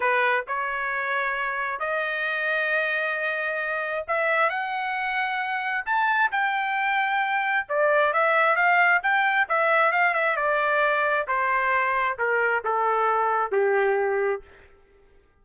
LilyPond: \new Staff \with { instrumentName = "trumpet" } { \time 4/4 \tempo 4 = 133 b'4 cis''2. | dis''1~ | dis''4 e''4 fis''2~ | fis''4 a''4 g''2~ |
g''4 d''4 e''4 f''4 | g''4 e''4 f''8 e''8 d''4~ | d''4 c''2 ais'4 | a'2 g'2 | }